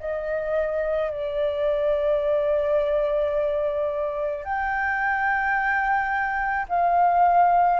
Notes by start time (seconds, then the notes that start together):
0.00 D#5
1.11 D5
4.44 G5
6.69 F5